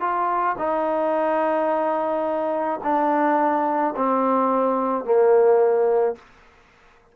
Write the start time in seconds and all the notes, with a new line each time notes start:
0.00 F4
0.58 D#4
2.84 D4
3.96 C4
5.04 A#3